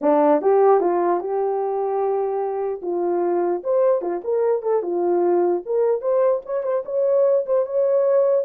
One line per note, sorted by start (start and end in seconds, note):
0.01 0.41 D4
0.41 0.80 G4
0.80 1.20 F4
1.20 2.81 G4
2.82 3.62 F4
3.63 4.01 C5
4.01 4.21 F4
4.24 4.62 A#4
4.62 4.82 A4
4.82 5.62 F4
5.65 6.01 A#4
6.01 6.41 C5
6.45 6.63 C#5
6.63 6.83 C5
6.85 7.45 C#5
7.46 7.66 C5
7.66 8.45 C#5